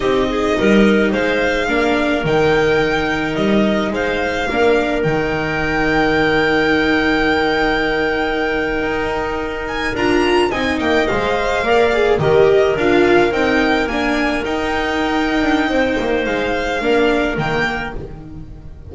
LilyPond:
<<
  \new Staff \with { instrumentName = "violin" } { \time 4/4 \tempo 4 = 107 dis''2 f''2 | g''2 dis''4 f''4~ | f''4 g''2.~ | g''1~ |
g''4~ g''16 gis''8 ais''4 gis''8 g''8 f''16~ | f''4.~ f''16 dis''4 f''4 g''16~ | g''8. gis''4 g''2~ g''16~ | g''4 f''2 g''4 | }
  \new Staff \with { instrumentName = "clarinet" } { \time 4/4 g'8 gis'8 ais'4 c''4 ais'4~ | ais'2. c''4 | ais'1~ | ais'1~ |
ais'2~ ais'8. dis''4~ dis''16~ | dis''8. d''4 ais'2~ ais'16~ | ais'1 | c''2 ais'2 | }
  \new Staff \with { instrumentName = "viola" } { \time 4/4 dis'2. d'4 | dis'1 | d'4 dis'2.~ | dis'1~ |
dis'4.~ dis'16 f'4 dis'4 c''16~ | c''8. ais'8 gis'8 g'4 f'4 dis'16~ | dis'8. d'4 dis'2~ dis'16~ | dis'2 d'4 ais4 | }
  \new Staff \with { instrumentName = "double bass" } { \time 4/4 c'4 g4 gis4 ais4 | dis2 g4 gis4 | ais4 dis2.~ | dis2.~ dis8. dis'16~ |
dis'4.~ dis'16 d'4 c'8 ais8 gis16~ | gis8. ais4 dis4 d'4 c'16~ | c'8. ais4 dis'4.~ dis'16 d'8 | c'8 ais8 gis4 ais4 dis4 | }
>>